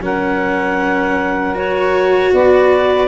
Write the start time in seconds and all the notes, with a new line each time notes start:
0.00 F#3 C#4 A#4 F#5
1.55 F#4 C#5
2.33 B3 B4 D5